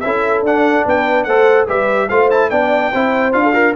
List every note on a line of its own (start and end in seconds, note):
0.00 0.42 C#4
0.00 0.46 E4
0.00 0.87 A4
0.00 0.41 E5
0.42 0.84 D4
0.42 1.28 D4
0.42 0.87 F#5
0.85 1.26 B3
0.85 1.26 B4
0.85 1.23 G5
1.23 1.67 A3
1.23 1.67 A4
1.23 1.67 C5
1.23 1.65 F#5
1.67 2.10 G3
1.67 2.09 G4
1.67 2.08 B4
1.67 2.09 E5
2.09 2.51 A3
2.09 2.31 F4
2.09 2.50 C5
2.09 2.29 F5
2.30 2.51 E4
2.30 2.50 A5
2.50 2.92 B3
2.50 2.92 D4
2.50 2.91 D5
2.50 3.33 G5
2.91 3.33 C4
2.91 3.32 E4
2.91 3.43 C5
3.32 3.75 D4
3.32 3.53 F4
3.32 3.74 F5
3.43 3.52 A4
3.52 3.73 F4
3.52 3.75 A#4